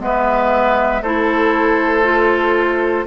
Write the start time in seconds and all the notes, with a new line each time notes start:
0.00 G#3 B3 B4 E5
1.02 A3 E4 A4 C5
2.03 F4